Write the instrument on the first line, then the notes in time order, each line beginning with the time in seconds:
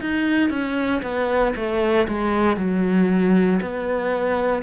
cello
0.00 D#4
0.50 C#4
1.02 B3
1.56 A3
2.07 G#3
2.56 F#3
3.62 B3